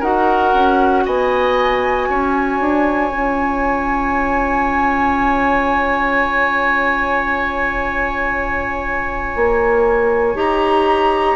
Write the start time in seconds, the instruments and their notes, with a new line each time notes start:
0.00 bassoon D#4, clarinet F#4, oboe A#4, flute F#5
0.54 bassoon C#4
1.05 bassoon B3, oboe D#5, flute G#5
2.09 bassoon C#4, oboe C#5
2.61 bassoon D4
3.11 bassoon C#4, clarinet F4
9.36 bassoon A#3
10.34 bassoon D#4, clarinet G4, flute A#5